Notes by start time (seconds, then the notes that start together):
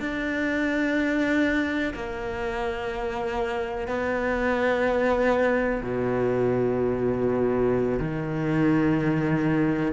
0.00 D4
1.94 A#3
3.88 B3
5.82 B2
7.99 D#3